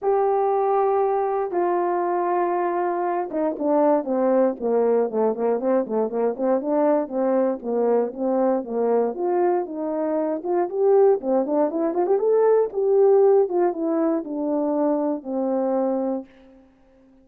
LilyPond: \new Staff \with { instrumentName = "horn" } { \time 4/4 \tempo 4 = 118 g'2. f'4~ | f'2~ f'8 dis'8 d'4 | c'4 ais4 a8 ais8 c'8 a8 | ais8 c'8 d'4 c'4 ais4 |
c'4 ais4 f'4 dis'4~ | dis'8 f'8 g'4 c'8 d'8 e'8 f'16 g'16 | a'4 g'4. f'8 e'4 | d'2 c'2 | }